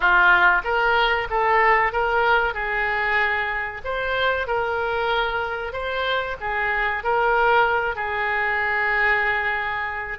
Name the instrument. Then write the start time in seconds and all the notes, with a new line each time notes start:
oboe
0.00 F4
0.64 A#4
1.29 A4
1.92 A#4
2.54 G#4
3.84 C5
4.47 A#4
5.72 C5
6.40 G#4
7.03 A#4
7.95 G#4